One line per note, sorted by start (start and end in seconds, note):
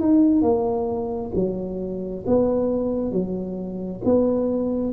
0.00 0.42 D#4
0.42 1.31 A#3
1.35 2.24 F#3
2.26 3.12 B3
3.12 4.01 F#3
4.04 4.93 B3